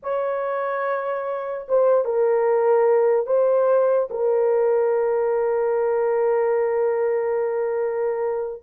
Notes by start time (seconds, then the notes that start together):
0.02 C#5
1.68 C5
2.04 A#4
3.26 C5
4.10 A#4